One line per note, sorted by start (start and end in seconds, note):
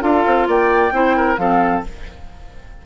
0.00 0.25 D4
0.00 0.92 F4
0.00 0.48 A4
0.00 0.48 F5
0.26 0.48 C4
0.48 0.92 A#3
0.48 0.93 D5
0.48 1.37 G5
0.92 1.37 C4
0.92 1.38 E4
0.92 1.17 C5
1.17 1.40 A#4
1.37 1.83 F3
1.37 1.84 C4
1.37 1.86 A4
1.37 1.83 F5